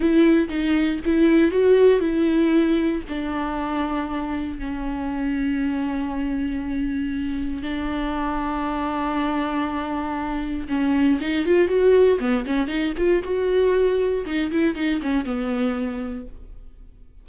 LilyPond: \new Staff \with { instrumentName = "viola" } { \time 4/4 \tempo 4 = 118 e'4 dis'4 e'4 fis'4 | e'2 d'2~ | d'4 cis'2.~ | cis'2. d'4~ |
d'1~ | d'4 cis'4 dis'8 f'8 fis'4 | b8 cis'8 dis'8 f'8 fis'2 | dis'8 e'8 dis'8 cis'8 b2 | }